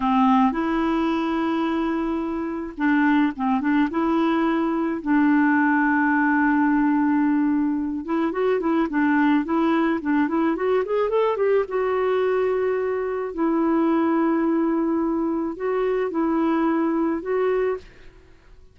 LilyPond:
\new Staff \with { instrumentName = "clarinet" } { \time 4/4 \tempo 4 = 108 c'4 e'2.~ | e'4 d'4 c'8 d'8 e'4~ | e'4 d'2.~ | d'2~ d'8 e'8 fis'8 e'8 |
d'4 e'4 d'8 e'8 fis'8 gis'8 | a'8 g'8 fis'2. | e'1 | fis'4 e'2 fis'4 | }